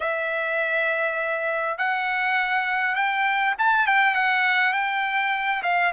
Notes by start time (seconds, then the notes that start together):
0.00 E5
1.77 F#5
2.95 G5
3.58 A5
3.86 G5
4.14 F#5
4.73 G5
5.62 F5